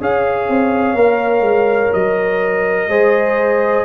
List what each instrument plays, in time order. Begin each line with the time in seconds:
0.00 tuba C#4, trombone G#4, horn C#5, trumpet F5
0.49 tuba C4
0.94 tuba A#3, trombone A#4
1.41 tuba G#3
1.93 tuba F#3, trumpet D#5
2.88 tuba G#3, trombone G#4, horn C5